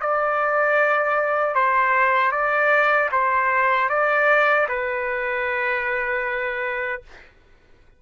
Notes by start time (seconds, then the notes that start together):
0.00 D5
1.54 C5
2.31 D5
3.11 C5
3.89 D5
4.68 B4